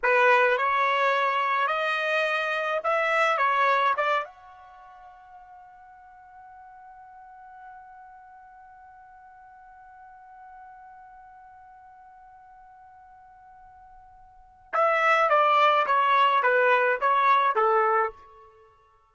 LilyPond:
\new Staff \with { instrumentName = "trumpet" } { \time 4/4 \tempo 4 = 106 b'4 cis''2 dis''4~ | dis''4 e''4 cis''4 d''8 fis''8~ | fis''1~ | fis''1~ |
fis''1~ | fis''1~ | fis''2 e''4 d''4 | cis''4 b'4 cis''4 a'4 | }